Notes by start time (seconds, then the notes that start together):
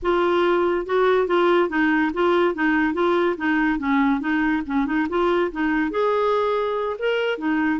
0.02 F4
0.86 F#4
1.27 F4
1.69 D#4
2.13 F4
2.54 D#4
2.93 F4
3.37 D#4
3.79 C#4
4.20 D#4
4.66 C#4
4.86 D#4
5.09 F4
5.51 D#4
5.90 G#4
6.99 A#4
7.37 D#4